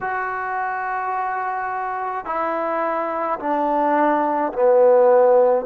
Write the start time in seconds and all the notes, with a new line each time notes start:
0.00 F#4
2.25 E4
3.39 D4
4.52 B3